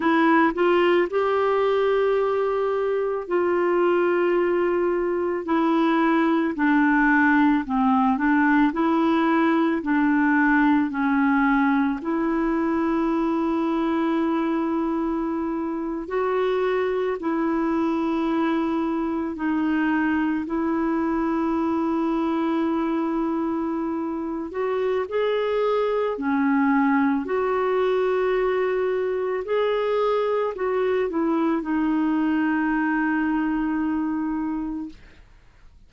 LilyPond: \new Staff \with { instrumentName = "clarinet" } { \time 4/4 \tempo 4 = 55 e'8 f'8 g'2 f'4~ | f'4 e'4 d'4 c'8 d'8 | e'4 d'4 cis'4 e'4~ | e'2~ e'8. fis'4 e'16~ |
e'4.~ e'16 dis'4 e'4~ e'16~ | e'2~ e'8 fis'8 gis'4 | cis'4 fis'2 gis'4 | fis'8 e'8 dis'2. | }